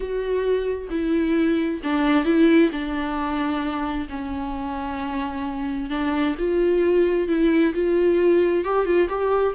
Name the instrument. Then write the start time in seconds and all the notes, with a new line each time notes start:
viola
0.00 F#4
0.90 E4
1.83 D4
2.24 E4
2.71 D4
4.09 C#4
5.90 D4
6.38 F4
7.27 E4
7.74 F4
8.64 G4
8.85 F4
9.08 G4